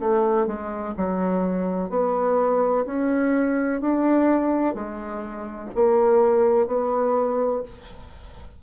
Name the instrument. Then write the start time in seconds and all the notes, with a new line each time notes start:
bassoon
0.00 A3
0.47 G#3
0.97 F#3
1.90 B3
2.86 C#4
3.81 D4
4.74 G#3
5.75 A#3
6.67 B3